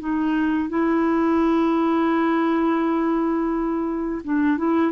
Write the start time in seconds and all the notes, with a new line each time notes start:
0.00 D#4
0.70 E4
4.24 D4
4.58 E4